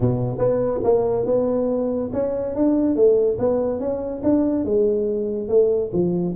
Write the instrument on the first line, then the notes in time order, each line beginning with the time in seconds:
tuba
0.00 B2
0.38 B3
0.83 A#3
1.25 B3
2.12 C#4
2.55 D4
2.95 A3
3.38 B3
3.79 C#4
4.23 D4
4.64 G#3
5.48 A3
5.92 F3